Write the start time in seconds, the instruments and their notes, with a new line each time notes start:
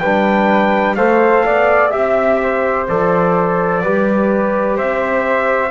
0.00 double bass G3, trombone D4, flute B4, trumpet G5
0.95 double bass A3, trombone A4, flute C5, trumpet F5
1.46 double bass B3, flute D5
1.91 double bass C4, trombone G4, flute E5, trumpet E5
2.43 flute C5
2.89 double bass F3, trombone A4, trumpet D5
3.83 double bass G3, trombone G4, flute B4
4.77 double bass C4, flute C5, trumpet E5